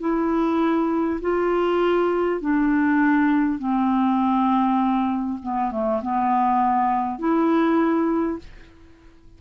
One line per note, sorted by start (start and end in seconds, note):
0.00 1.20 E4
1.21 2.41 F4
2.41 3.59 D4
3.59 5.39 C4
5.43 5.71 B3
5.71 6.01 A3
6.02 7.19 B3
7.19 8.39 E4